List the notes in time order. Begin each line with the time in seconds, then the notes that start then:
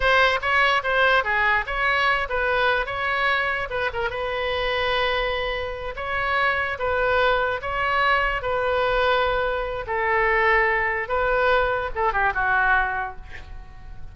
0.00 C5
0.41 C#5
0.83 C5
1.24 G#4
1.66 C#5
2.29 B4
2.86 C#5
3.69 B4
3.93 A#4
4.09 B4
5.96 C#5
6.78 B4
7.61 C#5
8.42 B4
9.86 A4
11.08 B4
11.95 A4
12.12 G4
12.33 F#4